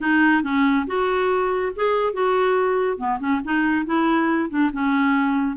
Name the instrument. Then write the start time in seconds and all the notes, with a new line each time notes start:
clarinet
0.01 D#4
0.43 C#4
0.86 F#4
1.75 G#4
2.13 F#4
2.97 B3
3.19 C#4
3.44 D#4
3.85 E4
4.49 D4
4.72 C#4